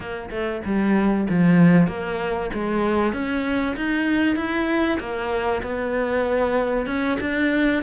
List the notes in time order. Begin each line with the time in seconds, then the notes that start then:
0.00 A#3
0.30 A3
0.65 G3
1.29 F3
1.88 A#3
2.53 G#3
3.13 C#4
3.76 D#4
4.36 E4
4.99 A#3
5.62 B3
6.86 C#4
7.20 D4